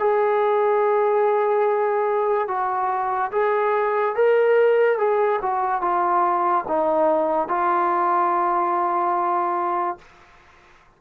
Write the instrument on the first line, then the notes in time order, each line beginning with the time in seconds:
trombone
0.00 G#4
2.48 F#4
3.32 G#4
4.16 A#4
4.98 G#4
5.42 F#4
5.82 F4
6.68 D#4
7.48 F4